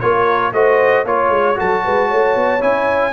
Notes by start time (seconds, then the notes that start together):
0.00 A#3 F4 A#4 C#5
0.53 A3 F#4 C5 D#5
1.05 A#3 F4 C#5
1.30 G#3
1.55 F#3 F#4 A4 A5
1.85 G#3 B4
2.08 A3 C#5
2.35 B3
2.61 C#4 E4 G#5